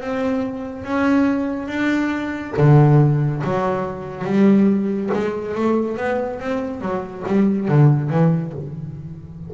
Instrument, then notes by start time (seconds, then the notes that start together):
double bass
0.00 C4
0.84 C#4
1.68 D4
2.57 D3
3.44 F#3
4.24 G3
5.13 G#3
5.55 A3
5.97 B3
6.40 C4
6.80 F#3
7.26 G3
7.68 D3
8.10 E3